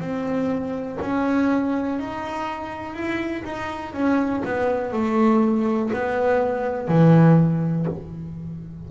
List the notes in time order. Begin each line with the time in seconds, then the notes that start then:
0.00 C4
1.01 C#4
1.99 D#4
2.94 E4
3.44 D#4
3.93 C#4
4.45 B3
4.92 A3
5.93 B3
6.88 E3